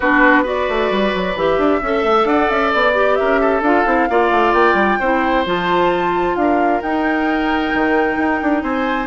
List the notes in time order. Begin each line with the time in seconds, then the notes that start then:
0.00 B3 D4 F#4 B4
0.42 F#4 B4 D5
0.69 A3
0.90 G3
1.14 F#3
1.35 E3 G4 E5
1.57 D4
1.82 C#4 A4 E5
2.03 A3
2.24 D4 D5 F#5
2.49 C#4 E5
2.73 B3 D5
2.94 G4
3.15 A#4 E5
3.21 C#4
3.40 A4
3.61 D4 F4 F5
3.86 C4 E4
4.09 A#3 F4 D5
4.30 A3
4.53 A#3 G5
4.74 G3
4.99 C4 E4 C5
5.45 F3 F4 A5
6.35 D4 A#4 F5
6.82 D#4 G5
7.73 D#3
8.17 D#4
8.42 D4
8.62 C4 C5 G#5